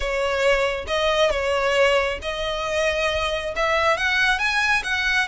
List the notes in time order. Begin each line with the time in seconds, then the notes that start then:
0.00 C#5
0.87 D#5
1.30 C#5
2.22 D#5
3.56 E5
3.97 F#5
4.38 G#5
4.83 F#5